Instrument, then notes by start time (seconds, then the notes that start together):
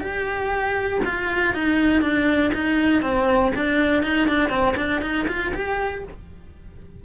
cello
0.00 G4
1.05 F4
1.54 D#4
2.01 D4
2.54 D#4
3.02 C4
3.55 D4
4.03 D#4
4.28 D4
4.50 C4
4.76 D4
5.02 D#4
5.28 F4
5.54 G4